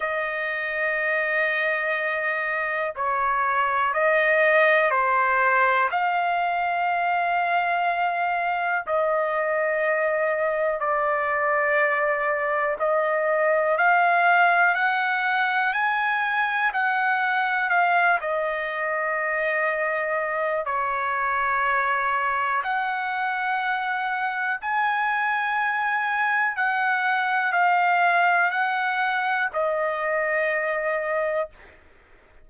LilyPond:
\new Staff \with { instrumentName = "trumpet" } { \time 4/4 \tempo 4 = 61 dis''2. cis''4 | dis''4 c''4 f''2~ | f''4 dis''2 d''4~ | d''4 dis''4 f''4 fis''4 |
gis''4 fis''4 f''8 dis''4.~ | dis''4 cis''2 fis''4~ | fis''4 gis''2 fis''4 | f''4 fis''4 dis''2 | }